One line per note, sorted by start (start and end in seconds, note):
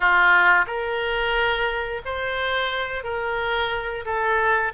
0.00 0.65 F4
0.66 2.01 A#4
2.05 3.03 C5
3.03 4.04 A#4
4.05 4.72 A4